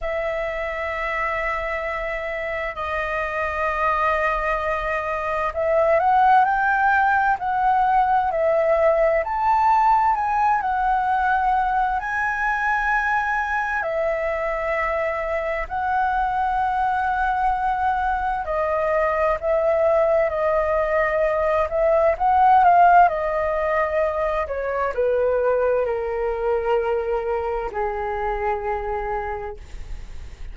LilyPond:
\new Staff \with { instrumentName = "flute" } { \time 4/4 \tempo 4 = 65 e''2. dis''4~ | dis''2 e''8 fis''8 g''4 | fis''4 e''4 a''4 gis''8 fis''8~ | fis''4 gis''2 e''4~ |
e''4 fis''2. | dis''4 e''4 dis''4. e''8 | fis''8 f''8 dis''4. cis''8 b'4 | ais'2 gis'2 | }